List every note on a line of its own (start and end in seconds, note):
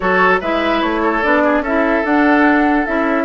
0.00 0.41 F#3
0.00 0.41 F#4
0.00 0.40 A4
0.00 0.38 C#5
0.40 0.82 G#3
0.40 1.22 E4
0.40 1.01 B4
0.40 0.81 E5
0.81 1.23 A3
0.81 1.22 C#5
1.02 1.43 A4
1.22 1.60 B3
1.22 1.63 D4
1.22 1.63 D5
1.43 1.63 G#4
1.60 2.01 C#4
1.60 2.04 E4
1.60 3.24 A4
1.60 2.05 E5
2.04 2.86 D4
2.04 2.85 F#5
2.85 3.24 C#4
2.85 3.24 E4
2.85 3.24 E5